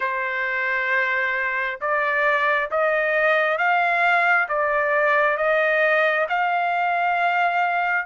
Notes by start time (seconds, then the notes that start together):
0.00 C5
1.80 D5
2.71 D#5
3.57 F5
4.48 D5
5.37 D#5
6.28 F5